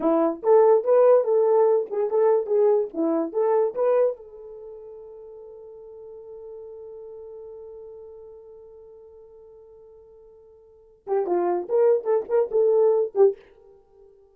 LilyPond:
\new Staff \with { instrumentName = "horn" } { \time 4/4 \tempo 4 = 144 e'4 a'4 b'4 a'4~ | a'8 gis'8 a'4 gis'4 e'4 | a'4 b'4 a'2~ | a'1~ |
a'1~ | a'1~ | a'2~ a'8 g'8 f'4 | ais'4 a'8 ais'8 a'4. g'8 | }